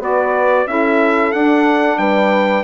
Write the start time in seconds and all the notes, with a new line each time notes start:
0.00 B3 F#4 B4 D5
0.67 C#4 E4 A4 E5
1.33 D4 F#5
1.98 G3 B4 G5